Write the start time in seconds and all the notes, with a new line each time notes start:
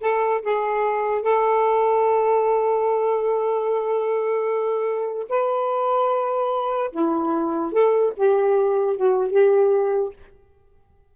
0.00 A4
0.42 G#4
1.22 A4
5.29 B4
6.91 E4
7.72 A4
8.16 G4
8.96 F#4
9.31 G4